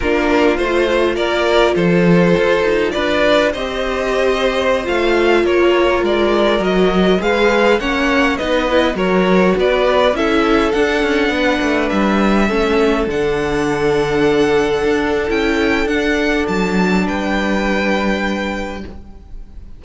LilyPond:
<<
  \new Staff \with { instrumentName = "violin" } { \time 4/4 \tempo 4 = 102 ais'4 c''4 d''4 c''4~ | c''4 d''4 dis''2~ | dis''16 f''4 cis''4 d''4 dis''8.~ | dis''16 f''4 fis''4 dis''4 cis''8.~ |
cis''16 d''4 e''4 fis''4.~ fis''16~ | fis''16 e''2 fis''4.~ fis''16~ | fis''2 g''4 fis''4 | a''4 g''2. | }
  \new Staff \with { instrumentName = "violin" } { \time 4/4 f'2 ais'4 a'4~ | a'4 b'4 c''2~ | c''4~ c''16 ais'2~ ais'8.~ | ais'16 b'4 cis''4 b'4 ais'8.~ |
ais'16 b'4 a'2 b'8.~ | b'4~ b'16 a'2~ a'8.~ | a'1~ | a'4 b'2. | }
  \new Staff \with { instrumentName = "viola" } { \time 4/4 d'4 f'2.~ | f'2 g'2~ | g'16 f'2. fis'8.~ | fis'16 gis'4 cis'4 dis'8 e'8 fis'8.~ |
fis'4~ fis'16 e'4 d'4.~ d'16~ | d'4~ d'16 cis'4 d'4.~ d'16~ | d'2 e'4 d'4~ | d'1 | }
  \new Staff \with { instrumentName = "cello" } { \time 4/4 ais4 a4 ais4 f4 | f'8 dis'8 d'4 c'2~ | c'16 a4 ais4 gis4 fis8.~ | fis16 gis4 ais4 b4 fis8.~ |
fis16 b4 cis'4 d'8 cis'8 b8 a16~ | a16 g4 a4 d4.~ d16~ | d4~ d16 d'8. cis'4 d'4 | fis4 g2. | }
>>